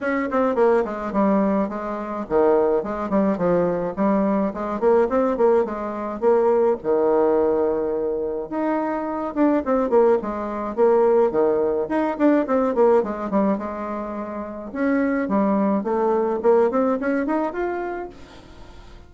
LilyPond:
\new Staff \with { instrumentName = "bassoon" } { \time 4/4 \tempo 4 = 106 cis'8 c'8 ais8 gis8 g4 gis4 | dis4 gis8 g8 f4 g4 | gis8 ais8 c'8 ais8 gis4 ais4 | dis2. dis'4~ |
dis'8 d'8 c'8 ais8 gis4 ais4 | dis4 dis'8 d'8 c'8 ais8 gis8 g8 | gis2 cis'4 g4 | a4 ais8 c'8 cis'8 dis'8 f'4 | }